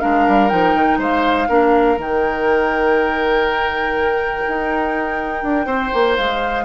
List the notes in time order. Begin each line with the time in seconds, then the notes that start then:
0.00 G#3 D4 A#4 F5
0.28 G3
0.49 F3 D#4 G5
0.75 D#3
0.99 G#3 C5 F5
1.49 A#3 D4 A#4
1.98 D#3 D#4 G5
4.48 D#4
5.43 D4
5.66 C4 C5
5.94 A#3
6.17 G#3 F5